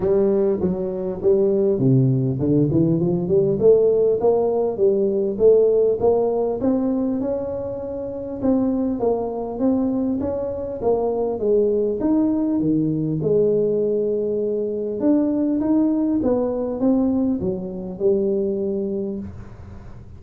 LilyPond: \new Staff \with { instrumentName = "tuba" } { \time 4/4 \tempo 4 = 100 g4 fis4 g4 c4 | d8 e8 f8 g8 a4 ais4 | g4 a4 ais4 c'4 | cis'2 c'4 ais4 |
c'4 cis'4 ais4 gis4 | dis'4 dis4 gis2~ | gis4 d'4 dis'4 b4 | c'4 fis4 g2 | }